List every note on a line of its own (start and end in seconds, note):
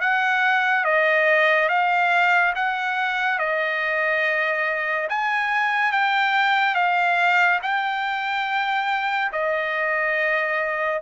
0.00 0.84 F#5
0.84 1.69 D#5
1.69 2.53 F5
2.55 3.39 F#5
3.39 5.08 D#5
5.09 5.92 G#5
5.92 6.75 G5
6.75 7.59 F5
7.62 9.31 G5
9.32 11.01 D#5